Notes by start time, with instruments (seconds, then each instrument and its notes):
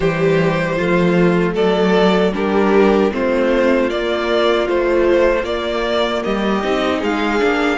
0.00 cello E3, viola G3, violin G4 C5
0.75 cello F3, viola A3, violin F4
1.54 cello F#3, violin A4 D5
2.32 cello G3, viola D4, violin G4 A#4
3.12 cello A3, viola C4, violin F4 C5
3.90 viola A#3, cello A#3, violin D5
4.66 viola F3, cello A3, violin C5
5.43 cello A#3, viola A#3, violin D5
6.23 cello G3, violin G4 D#5
6.63 cello C4, viola D#4
6.99 cello G#3, violin G#4 F5
7.39 cello A#3, viola D4